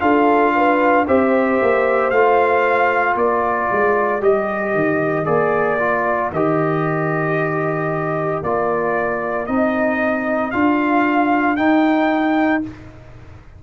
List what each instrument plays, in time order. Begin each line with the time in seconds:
0.00 tuba D4, trombone F4, horn A4, trumpet F5
0.55 horn B4
1.07 tuba C4, trombone G4, horn C5, trumpet E5
1.61 tuba A#3
2.10 tuba A3, trombone F4, trumpet F5
3.15 tuba A#3, horn A#4, trumpet D5
3.71 tuba G#3
4.20 tuba G3, trombone G4, trumpet D#5
4.74 tuba D#3
5.24 tuba A#3, trombone G#4, trumpet D5
5.79 trombone F4
6.31 tuba D#3, trombone G4, trumpet D#5
8.42 tuba A#3, trombone F4, trumpet D5
9.46 tuba C4, trombone D#4, trumpet D#5
10.51 tuba D4, trombone F4, trumpet F5
11.56 tuba D#4, trombone D#4, trumpet G5